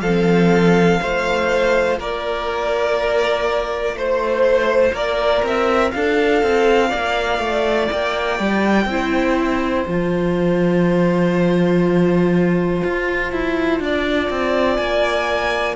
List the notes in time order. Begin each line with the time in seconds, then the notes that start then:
0.00 F3 C4 A4 F5
1.02 A3 F4 C5
1.98 A#3 A#4 D5
3.93 A3 C5
4.92 A#3 A#4 D5
5.42 C4 E5
5.91 D4 A4 F5
6.42 C4
6.89 A#3 D5
7.38 A3
7.91 A#3 G5
8.39 G3
8.85 C4 E4
8.91 C5
9.86 F3 F4 A5
12.83 F4
13.32 E4
13.79 D4 D5
14.30 C4
14.76 A#3 G#5